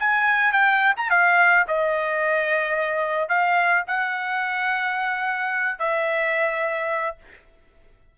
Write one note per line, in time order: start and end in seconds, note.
0.00 0.53 G#5
0.53 0.94 G5
0.97 1.10 A#5
1.10 1.65 F5
1.68 3.29 D#5
3.29 3.84 F5
3.87 5.79 F#5
5.79 7.17 E5